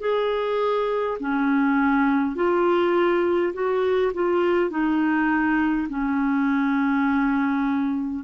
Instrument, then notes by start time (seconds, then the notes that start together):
clarinet
0.00 G#4
1.20 C#4
2.35 F4
3.53 F#4
4.13 F4
4.70 D#4
5.89 C#4